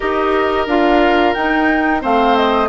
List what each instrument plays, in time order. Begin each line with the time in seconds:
0.00 bassoon D#4, clarinet G4, oboe A#4, flute D#5
0.67 bassoon D4, clarinet F4, flute F5
1.33 clarinet D#4, bassoon D#4, flute G5
2.00 bassoon A3, clarinet C4, oboe C5, flute F5
2.36 flute D#5